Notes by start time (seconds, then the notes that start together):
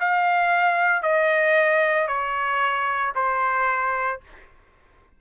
0.00 F5
1.02 D#5
2.08 C#5
3.15 C5